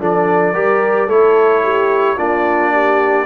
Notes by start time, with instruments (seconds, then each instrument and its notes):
0.00 tuba F3, trombone D4, horn A4, trumpet D5
0.53 tuba G3, trombone G4, horn A#4
1.07 tuba A3, trombone E4, horn A4, trumpet C#5
1.63 horn G4
2.17 tuba A#3, trombone D4, horn F4, trumpet D5
2.72 horn G4